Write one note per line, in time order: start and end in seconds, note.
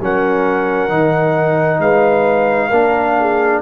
0.00 0.89 F#3
0.00 0.89 C#4
0.00 1.81 A#4
0.00 1.80 F#5
0.89 1.79 D#3
0.89 2.71 D#4
1.79 2.70 G#3
1.79 2.69 B4
1.79 3.61 F5
2.69 3.61 A#3
2.69 3.61 D4
2.69 3.15 A#4
3.19 3.61 G#4